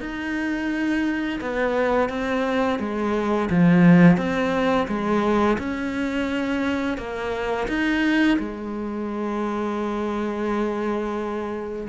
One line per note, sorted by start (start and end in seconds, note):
0.00 1.40 D#4
1.40 2.09 B3
2.09 2.79 C4
2.79 3.49 G#3
3.50 4.17 F3
4.17 4.87 C4
4.87 5.57 G#3
5.58 6.97 C#4
6.97 7.67 A#3
7.68 8.38 D#4
8.39 11.88 G#3